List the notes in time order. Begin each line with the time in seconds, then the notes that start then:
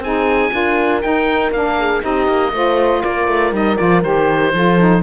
0.00 C4 D#4 G#4 G#5
0.51 D4 F4 A#4
1.02 D#4 G5
1.51 A#3 D4 F5
1.79 G#4
2.01 C4 D#4 G4 D#5
2.28 A#3
2.52 A3 F4 C5
3.01 A#3 A#4 D5
3.28 A3
3.52 G3 D#4 D#5
3.77 F3 F4 D5
4.03 D#3 G4 C5
4.54 F3 F4 A4
4.79 D#4